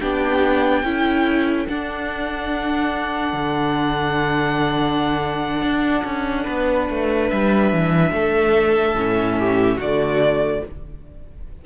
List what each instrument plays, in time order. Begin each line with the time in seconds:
0.00 cello B3, viola D4, violin G4 G5
0.83 cello C#4, viola E4, violin A4
1.69 viola D4, cello D4, violin F#5
3.33 cello D3
5.62 cello D4
6.05 cello C#4
6.45 cello B3, violin B4
6.90 cello A3
7.29 cello G3, violin E5
7.73 cello E3
8.12 cello A3, violin A4
8.95 cello A2, viola C#4
9.39 violin G4
9.78 cello D3, viola A3, violin F#4 D5